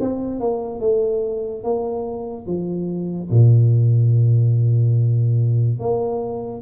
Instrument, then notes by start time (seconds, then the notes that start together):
tuba
0.00 C4
0.40 A#3
0.80 A3
1.64 A#3
2.47 F3
3.30 A#2
5.80 A#3